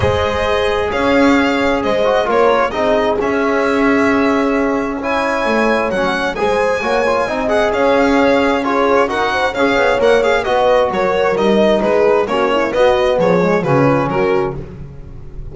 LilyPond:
<<
  \new Staff \with { instrumentName = "violin" } { \time 4/4 \tempo 4 = 132 dis''2 f''2 | dis''4 cis''4 dis''4 e''4~ | e''2. gis''4~ | gis''4 fis''4 gis''2~ |
gis''8 fis''8 f''2 cis''4 | fis''4 f''4 fis''8 f''8 dis''4 | cis''4 dis''4 b'4 cis''4 | dis''4 cis''4 b'4 ais'4 | }
  \new Staff \with { instrumentName = "horn" } { \time 4/4 c''2 cis''2 | c''4 ais'4 gis'2~ | gis'2. cis''4~ | cis''2 c''4 cis''4 |
dis''4 cis''2 gis'4 | ais'8 c''8 cis''2 b'4 | ais'2 gis'4 fis'8 e'8 | fis'4 gis'4 fis'8 f'8 fis'4 | }
  \new Staff \with { instrumentName = "trombone" } { \time 4/4 gis'1~ | gis'8 fis'8 f'4 dis'4 cis'4~ | cis'2. e'4~ | e'4 cis'4 gis'4 fis'8 f'8 |
dis'8 gis'2~ gis'8 f'4 | fis'4 gis'4 ais'8 gis'8 fis'4~ | fis'4 dis'2 cis'4 | b4. gis8 cis'2 | }
  \new Staff \with { instrumentName = "double bass" } { \time 4/4 gis2 cis'2 | gis4 ais4 c'4 cis'4~ | cis'1 | a4 fis4 gis4 ais4 |
c'4 cis'2. | dis'4 cis'8 b8 ais4 b4 | fis4 g4 gis4 ais4 | b4 f4 cis4 fis4 | }
>>